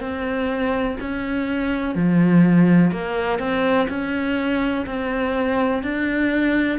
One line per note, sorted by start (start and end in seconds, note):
0.00 0.97 C4
1.00 1.95 C#4
1.95 2.91 F3
2.91 3.39 A#3
3.39 3.88 C4
3.89 4.86 C#4
4.86 5.83 C4
5.83 6.79 D4